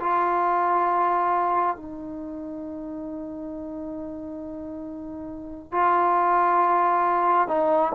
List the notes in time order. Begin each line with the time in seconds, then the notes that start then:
0.00 F4
1.76 D#4
5.72 F4
7.48 D#4